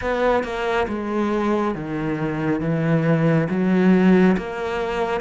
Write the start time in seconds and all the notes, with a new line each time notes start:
0.01 B3
0.43 A#3
0.87 G#3
1.74 D#3
2.60 E3
3.49 F#3
4.37 A#3